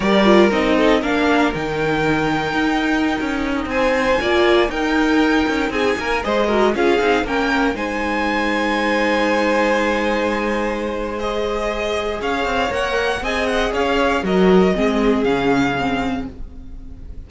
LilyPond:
<<
  \new Staff \with { instrumentName = "violin" } { \time 4/4 \tempo 4 = 118 d''4 dis''4 f''4 g''4~ | g''2.~ g''16 gis''8.~ | gis''4~ gis''16 g''2 gis''8.~ | gis''16 dis''4 f''4 g''4 gis''8.~ |
gis''1~ | gis''2 dis''2 | f''4 fis''4 gis''8 fis''8 f''4 | dis''2 f''2 | }
  \new Staff \with { instrumentName = "violin" } { \time 4/4 ais'4. a'8 ais'2~ | ais'2.~ ais'16 c''8.~ | c''16 d''4 ais'2 gis'8 ais'16~ | ais'16 c''8 ais'8 gis'4 ais'4 c''8.~ |
c''1~ | c''1 | cis''2 dis''4 cis''4 | ais'4 gis'2. | }
  \new Staff \with { instrumentName = "viola" } { \time 4/4 g'8 f'8 dis'4 d'4 dis'4~ | dis'1~ | dis'16 f'4 dis'2~ dis'8.~ | dis'16 gis'8 fis'8 f'8 dis'8 cis'4 dis'8.~ |
dis'1~ | dis'2 gis'2~ | gis'4 ais'4 gis'2 | fis'4 c'4 cis'4 c'4 | }
  \new Staff \with { instrumentName = "cello" } { \time 4/4 g4 c'4 ais4 dis4~ | dis4 dis'4~ dis'16 cis'4 c'8.~ | c'16 ais4 dis'4. cis'8 c'8 ais16~ | ais16 gis4 cis'8 c'8 ais4 gis8.~ |
gis1~ | gis1 | cis'8 c'8 ais4 c'4 cis'4 | fis4 gis4 cis2 | }
>>